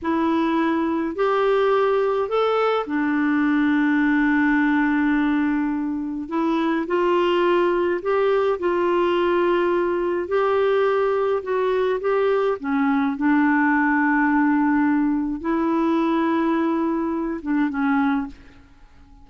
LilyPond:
\new Staff \with { instrumentName = "clarinet" } { \time 4/4 \tempo 4 = 105 e'2 g'2 | a'4 d'2.~ | d'2. e'4 | f'2 g'4 f'4~ |
f'2 g'2 | fis'4 g'4 cis'4 d'4~ | d'2. e'4~ | e'2~ e'8 d'8 cis'4 | }